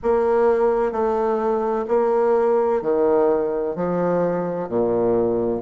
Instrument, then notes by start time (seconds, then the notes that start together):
bassoon
0.03 A#3
0.92 A3
1.87 A#3
2.82 D#3
3.75 F3
4.69 A#2